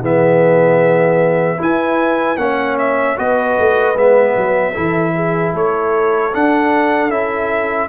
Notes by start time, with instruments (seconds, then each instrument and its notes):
0.00 tuba E3, trombone B3, horn G#4, trumpet E5
1.57 trombone E4, tuba E4, horn B4, trumpet G#5
2.37 tuba A#3, trombone C#4, horn C#5, trumpet F#5
2.78 trumpet E5
3.16 tuba B3, trombone F#4, horn B4, trumpet D#5
3.58 tuba A3
3.95 tuba G#3, trombone B3, trumpet E5
4.36 tuba F#3
4.72 tuba E3, trombone E4, horn A4
5.15 horn G#4
5.52 tuba A3, horn A4, trumpet C#5
6.32 trombone D4, tuba D4, trumpet F#5
7.09 tuba C#4, trombone E4, trumpet E5